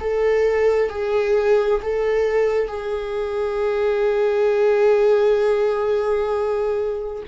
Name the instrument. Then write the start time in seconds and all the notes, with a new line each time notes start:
viola
0.00 A4
0.90 G#4
1.82 A4
2.68 G#4